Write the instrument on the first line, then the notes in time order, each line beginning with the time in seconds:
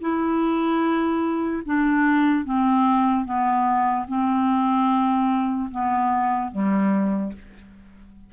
clarinet
0.00 E4
1.65 D4
2.44 C4
3.24 B3
4.07 C4
5.71 B3
6.51 G3